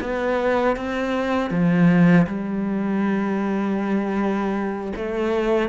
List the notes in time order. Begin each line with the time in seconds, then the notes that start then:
0.00 B3
0.76 C4
1.50 F3
2.26 G3
4.96 A3